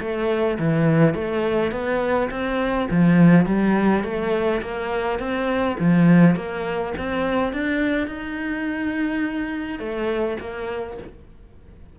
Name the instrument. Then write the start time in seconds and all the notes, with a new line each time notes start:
cello
0.00 A3
0.59 E3
1.14 A3
1.71 B3
2.30 C4
2.90 F3
3.46 G3
4.04 A3
4.62 A#3
5.19 C4
5.80 F3
6.35 A#3
6.97 C4
7.53 D4
8.07 D#4
9.79 A3
10.40 A#3